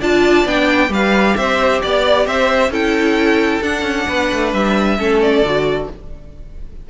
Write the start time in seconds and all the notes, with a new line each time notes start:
0.00 D4 F4 D5 A5
0.45 B3 D4 G5
0.89 G3 G4 B4 F5
1.36 C4 C5 E5
1.82 B3 D5
2.26 C4 C5 E5
2.69 C#4 E4 A4 G5
3.61 D4 F#5
3.82 C#4
4.07 B3 B4
4.33 A3
4.53 G3 E5
4.98 A3 C#4 A4
5.22 D5
5.42 D3 F#4